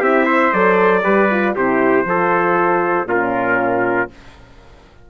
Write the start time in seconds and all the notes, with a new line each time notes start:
0.00 C4 E4 G4 E5
0.25 C5
0.53 F#3 A4 D5
1.03 G3 G4 B4
1.30 F4
1.55 C3 E4 G4 C5
2.05 F3 F4 A4
3.05 A#2 C#4 F4 A#4